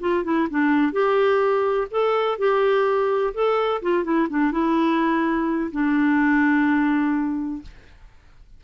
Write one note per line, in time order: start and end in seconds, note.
0.00 0.24 F4
0.24 0.48 E4
0.50 0.92 D4
0.92 1.87 G4
1.91 2.38 A4
2.38 3.34 G4
3.34 3.81 A4
3.82 4.04 F4
4.04 4.27 E4
4.30 4.52 D4
4.52 5.71 E4
5.72 7.62 D4